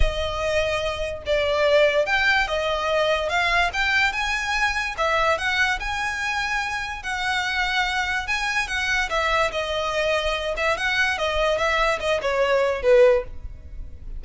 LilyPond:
\new Staff \with { instrumentName = "violin" } { \time 4/4 \tempo 4 = 145 dis''2. d''4~ | d''4 g''4 dis''2 | f''4 g''4 gis''2 | e''4 fis''4 gis''2~ |
gis''4 fis''2. | gis''4 fis''4 e''4 dis''4~ | dis''4. e''8 fis''4 dis''4 | e''4 dis''8 cis''4. b'4 | }